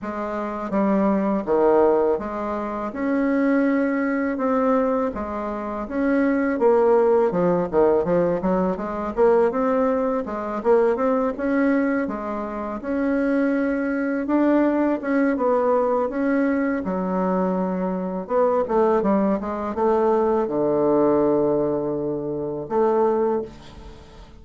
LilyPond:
\new Staff \with { instrumentName = "bassoon" } { \time 4/4 \tempo 4 = 82 gis4 g4 dis4 gis4 | cis'2 c'4 gis4 | cis'4 ais4 f8 dis8 f8 fis8 | gis8 ais8 c'4 gis8 ais8 c'8 cis'8~ |
cis'8 gis4 cis'2 d'8~ | d'8 cis'8 b4 cis'4 fis4~ | fis4 b8 a8 g8 gis8 a4 | d2. a4 | }